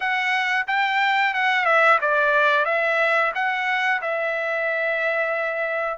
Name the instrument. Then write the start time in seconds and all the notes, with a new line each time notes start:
trumpet
0.00 F#5
0.67 G5
1.34 F#5
1.65 E5
2.01 D5
2.65 E5
3.34 F#5
4.01 E5